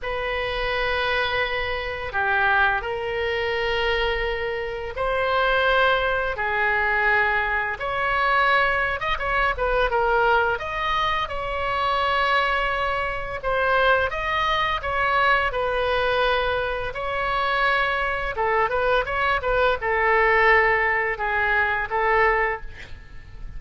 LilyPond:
\new Staff \with { instrumentName = "oboe" } { \time 4/4 \tempo 4 = 85 b'2. g'4 | ais'2. c''4~ | c''4 gis'2 cis''4~ | cis''8. dis''16 cis''8 b'8 ais'4 dis''4 |
cis''2. c''4 | dis''4 cis''4 b'2 | cis''2 a'8 b'8 cis''8 b'8 | a'2 gis'4 a'4 | }